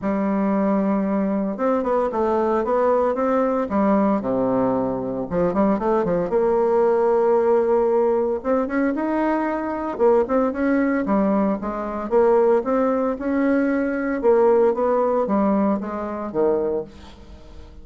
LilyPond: \new Staff \with { instrumentName = "bassoon" } { \time 4/4 \tempo 4 = 114 g2. c'8 b8 | a4 b4 c'4 g4 | c2 f8 g8 a8 f8 | ais1 |
c'8 cis'8 dis'2 ais8 c'8 | cis'4 g4 gis4 ais4 | c'4 cis'2 ais4 | b4 g4 gis4 dis4 | }